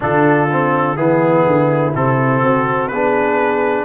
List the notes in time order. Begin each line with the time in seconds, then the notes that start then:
0.00 D3 D4 F4 A4
0.51 C4
0.96 E3 B3 E4 G#4
1.46 D3
1.94 C3 C4 A4
2.41 C4 F#4
2.87 B3 G#4 B4
2.94 D4